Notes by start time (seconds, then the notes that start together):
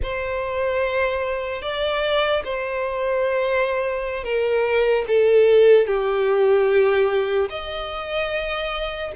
0.03 C5
1.61 D5
2.44 C5
4.23 A#4
5.07 A4
5.86 G4
7.49 D#5